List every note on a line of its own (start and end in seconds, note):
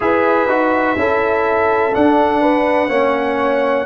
0.00 0.47 E4
0.00 0.48 G#4
0.00 0.99 B4
0.00 1.94 E5
0.47 0.96 D#4
0.47 0.96 F#4
0.96 1.93 C#4
0.96 1.92 E4
0.96 2.41 A4
1.92 2.89 D4
1.92 3.86 F#5
2.41 2.89 B4
2.89 3.85 A#3
2.89 3.86 C#4
2.89 3.86 C#5